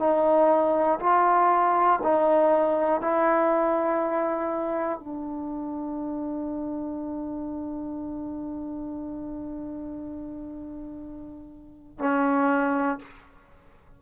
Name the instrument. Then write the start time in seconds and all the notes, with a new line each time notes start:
trombone
0.00 D#4
1.00 F4
2.04 D#4
3.01 E4
5.00 D4
11.99 C#4